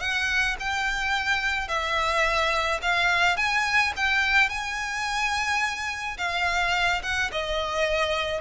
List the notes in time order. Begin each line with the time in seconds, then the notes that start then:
0.00 F#5
0.59 G5
1.67 E5
2.82 F5
3.36 G#5
3.96 G5
4.49 G#5
6.18 F5
7.02 F#5
7.31 D#5